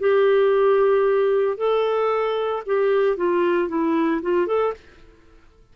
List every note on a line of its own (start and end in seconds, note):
0.00 1.58 G4
1.58 2.63 A4
2.66 3.17 G4
3.17 3.69 F4
3.69 4.22 E4
4.23 4.47 F4
4.47 4.74 A4